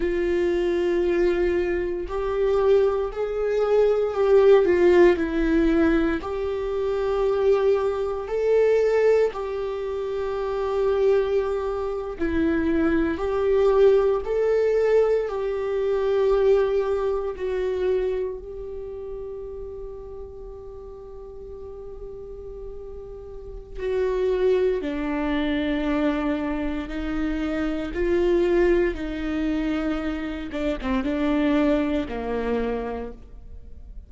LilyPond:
\new Staff \with { instrumentName = "viola" } { \time 4/4 \tempo 4 = 58 f'2 g'4 gis'4 | g'8 f'8 e'4 g'2 | a'4 g'2~ g'8. e'16~ | e'8. g'4 a'4 g'4~ g'16~ |
g'8. fis'4 g'2~ g'16~ | g'2. fis'4 | d'2 dis'4 f'4 | dis'4. d'16 c'16 d'4 ais4 | }